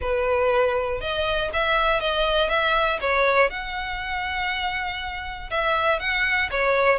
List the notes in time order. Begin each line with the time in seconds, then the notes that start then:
0.01 B4
1.00 D#5
1.53 E5
2.00 D#5
2.49 E5
3.00 C#5
3.50 F#5
5.50 E5
5.99 F#5
6.50 C#5